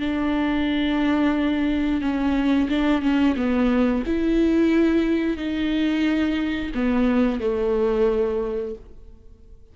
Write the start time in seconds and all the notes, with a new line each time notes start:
0.00 D4
2.02 C#4
2.70 D4
3.02 C#4
3.36 B3
4.07 E4
5.37 D#4
6.75 B3
7.40 A3